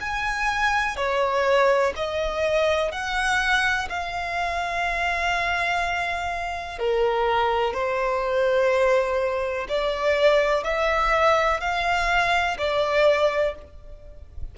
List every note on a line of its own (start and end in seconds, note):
0.00 0.96 G#5
0.96 1.93 C#5
1.96 2.91 D#5
2.91 3.88 F#5
3.89 6.79 F5
6.79 7.73 A#4
7.73 9.67 C5
9.69 10.63 D5
10.63 11.60 E5
11.60 12.57 F5
12.58 13.54 D5